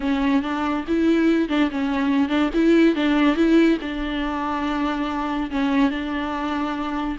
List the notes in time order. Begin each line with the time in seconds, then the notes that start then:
0.00 C#4
0.42 D4
0.87 E4
1.48 D4
1.71 C#4
2.28 D4
2.54 E4
2.95 D4
3.36 E4
3.81 D4
5.50 C#4
5.90 D4